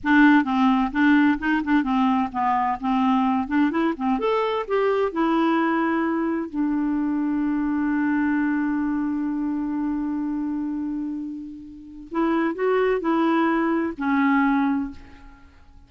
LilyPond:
\new Staff \with { instrumentName = "clarinet" } { \time 4/4 \tempo 4 = 129 d'4 c'4 d'4 dis'8 d'8 | c'4 b4 c'4. d'8 | e'8 c'8 a'4 g'4 e'4~ | e'2 d'2~ |
d'1~ | d'1~ | d'2 e'4 fis'4 | e'2 cis'2 | }